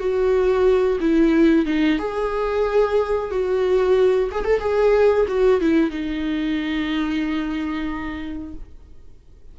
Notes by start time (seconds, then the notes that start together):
0.00 F#4
1.01 E4
1.66 D#4
1.99 G#4
3.31 F#4
4.32 G#4
4.45 A4
4.60 G#4
5.28 F#4
5.61 E4
5.91 D#4